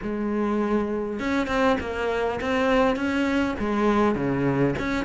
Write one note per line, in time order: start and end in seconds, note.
0.02 1.19 G#3
1.19 1.47 C#4
1.47 1.77 C4
1.80 2.40 A#3
2.40 2.95 C4
2.95 3.55 C#4
3.59 4.15 G#3
4.15 4.74 C#3
4.78 5.05 C#4